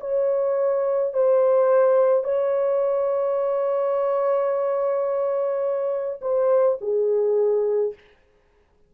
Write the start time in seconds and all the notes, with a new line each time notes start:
0.00 C#5
1.13 C5
2.24 C#5
6.22 C5
6.81 G#4